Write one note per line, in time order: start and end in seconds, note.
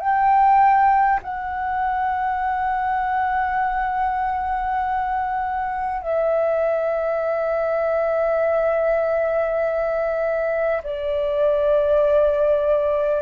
0.00 1.20 G5
1.23 6.02 F#5
6.02 10.82 E5
10.83 13.22 D5